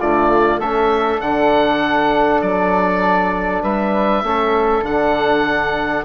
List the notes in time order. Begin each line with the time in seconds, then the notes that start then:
0.00 D3 A3 F4 D5
0.59 A3 C#4 A4 E5
1.21 D3 D4 F#5
2.42 F#3 D5
3.63 G3 B4 E5
4.24 A3 C#4 A4
4.82 D3 D4 F#5